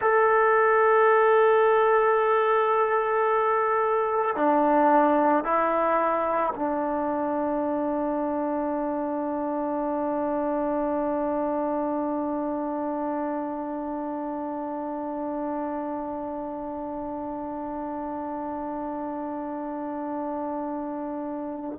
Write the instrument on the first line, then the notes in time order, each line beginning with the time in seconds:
trombone
0.00 A4
4.36 D4
5.43 E4
6.55 D4